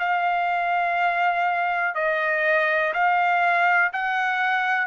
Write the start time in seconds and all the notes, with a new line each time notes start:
0.00 F5
1.95 D#5
2.94 F5
3.93 F#5